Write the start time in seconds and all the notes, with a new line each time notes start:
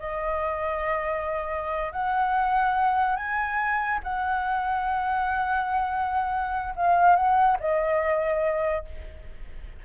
0.00 D#5
1.93 F#5
3.17 G#5
4.04 F#5
6.76 F5
7.16 F#5
7.60 D#5